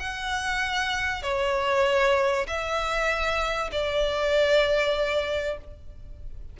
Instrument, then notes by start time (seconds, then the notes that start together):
violin
0.00 F#5
1.23 C#5
2.47 E5
3.73 D5